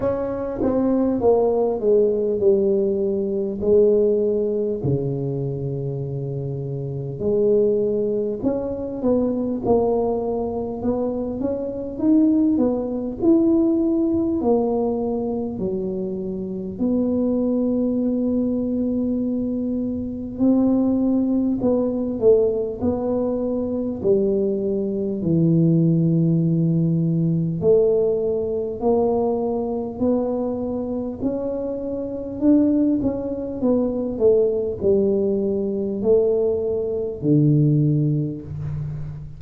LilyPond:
\new Staff \with { instrumentName = "tuba" } { \time 4/4 \tempo 4 = 50 cis'8 c'8 ais8 gis8 g4 gis4 | cis2 gis4 cis'8 b8 | ais4 b8 cis'8 dis'8 b8 e'4 | ais4 fis4 b2~ |
b4 c'4 b8 a8 b4 | g4 e2 a4 | ais4 b4 cis'4 d'8 cis'8 | b8 a8 g4 a4 d4 | }